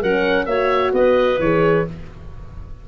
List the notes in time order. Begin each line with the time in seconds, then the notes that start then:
0.00 F#3 C#4 A#4 F#5
0.46 A#3 F#4 C#5 E5
0.93 B3 B4 D#5
1.39 E3 G#4 C#5